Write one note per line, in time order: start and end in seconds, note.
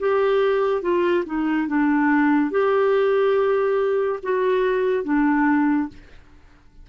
0.00 0.82 G4
0.82 1.24 F4
1.26 1.68 D#4
1.68 2.51 D4
2.51 4.20 G4
4.23 5.04 F#4
5.04 5.89 D4